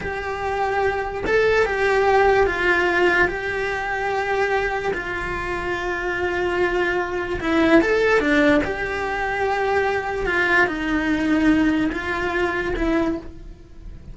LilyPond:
\new Staff \with { instrumentName = "cello" } { \time 4/4 \tempo 4 = 146 g'2. a'4 | g'2 f'2 | g'1 | f'1~ |
f'2 e'4 a'4 | d'4 g'2.~ | g'4 f'4 dis'2~ | dis'4 f'2 e'4 | }